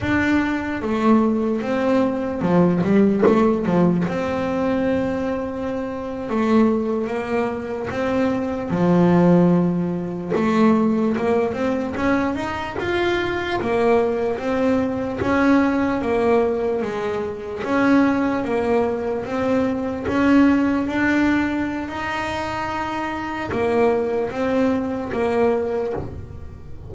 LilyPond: \new Staff \with { instrumentName = "double bass" } { \time 4/4 \tempo 4 = 74 d'4 a4 c'4 f8 g8 | a8 f8 c'2~ c'8. a16~ | a8. ais4 c'4 f4~ f16~ | f8. a4 ais8 c'8 cis'8 dis'8 f'16~ |
f'8. ais4 c'4 cis'4 ais16~ | ais8. gis4 cis'4 ais4 c'16~ | c'8. cis'4 d'4~ d'16 dis'4~ | dis'4 ais4 c'4 ais4 | }